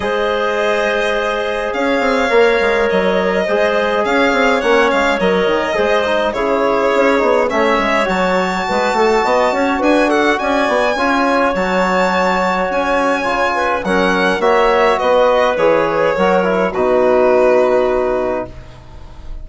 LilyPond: <<
  \new Staff \with { instrumentName = "violin" } { \time 4/4 \tempo 4 = 104 dis''2. f''4~ | f''4 dis''2 f''4 | fis''8 f''8 dis''2 cis''4~ | cis''4 e''4 a''2~ |
a''4 gis''8 fis''8 gis''2 | a''2 gis''2 | fis''4 e''4 dis''4 cis''4~ | cis''4 b'2. | }
  \new Staff \with { instrumentName = "clarinet" } { \time 4/4 c''2. cis''4~ | cis''2 c''4 cis''4~ | cis''2 c''4 gis'4~ | gis'4 cis''2 b'8 a'8 |
dis''8 cis''8 b'8 a'8 d''4 cis''4~ | cis''2.~ cis''8 b'8 | ais'4 cis''4 b'2 | ais'4 fis'2. | }
  \new Staff \with { instrumentName = "trombone" } { \time 4/4 gis'1 | ais'2 gis'2 | cis'4 ais'4 gis'8 dis'8 e'4~ | e'8 dis'8 cis'4 fis'2~ |
fis'2. f'4 | fis'2. f'4 | cis'4 fis'2 gis'4 | fis'8 e'8 dis'2. | }
  \new Staff \with { instrumentName = "bassoon" } { \time 4/4 gis2. cis'8 c'8 | ais8 gis8 fis4 gis4 cis'8 c'8 | ais8 gis8 fis8 dis8 gis4 cis4 | cis'8 b8 a8 gis8 fis4 gis8 a8 |
b8 cis'8 d'4 cis'8 b8 cis'4 | fis2 cis'4 cis4 | fis4 ais4 b4 e4 | fis4 b,2. | }
>>